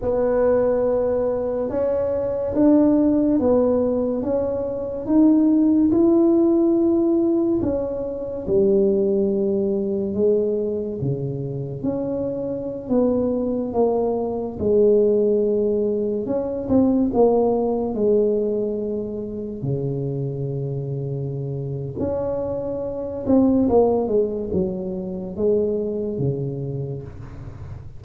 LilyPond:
\new Staff \with { instrumentName = "tuba" } { \time 4/4 \tempo 4 = 71 b2 cis'4 d'4 | b4 cis'4 dis'4 e'4~ | e'4 cis'4 g2 | gis4 cis4 cis'4~ cis'16 b8.~ |
b16 ais4 gis2 cis'8 c'16~ | c'16 ais4 gis2 cis8.~ | cis2 cis'4. c'8 | ais8 gis8 fis4 gis4 cis4 | }